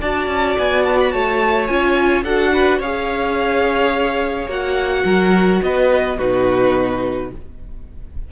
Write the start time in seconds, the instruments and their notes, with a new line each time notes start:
0.00 cello D4, viola F#4, violin D5 A5
0.27 cello C#4
0.58 cello B3, violin G#5
0.83 violin A5
1.00 violin B5
1.11 cello A3, violin C#5 A5
1.66 cello C#4, viola F4, violin G#5
2.24 cello D4, viola F#4, violin A4 F#5
2.53 violin B4
2.78 cello C#4, viola G#4, violin C#5 F5
4.47 cello A#3, viola F#4, violin F#5
5.04 cello F#3, violin A#4
5.62 cello B3, violin B4 D#5
6.17 cello B2, viola D#4, violin F#4 B4